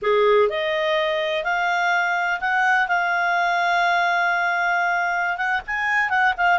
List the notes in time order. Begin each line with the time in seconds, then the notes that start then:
0.02 G#4
0.49 D#5
1.44 F5
2.40 F#5
2.88 F5
5.37 F#5
5.66 G#5
6.09 F#5
6.37 F5